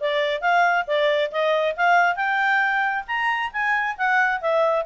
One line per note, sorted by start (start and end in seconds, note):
0.00 0.41 D5
0.41 0.85 F5
0.87 1.31 D5
1.31 1.75 D#5
1.76 2.15 F5
2.15 3.04 G5
3.07 3.51 A#5
3.52 3.96 G#5
3.97 4.41 F#5
4.41 4.85 E5